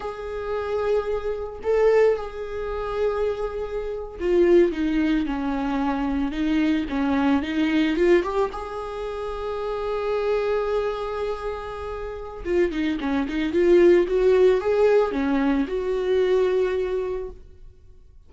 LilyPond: \new Staff \with { instrumentName = "viola" } { \time 4/4 \tempo 4 = 111 gis'2. a'4 | gis'2.~ gis'8. f'16~ | f'8. dis'4 cis'2 dis'16~ | dis'8. cis'4 dis'4 f'8 g'8 gis'16~ |
gis'1~ | gis'2. f'8 dis'8 | cis'8 dis'8 f'4 fis'4 gis'4 | cis'4 fis'2. | }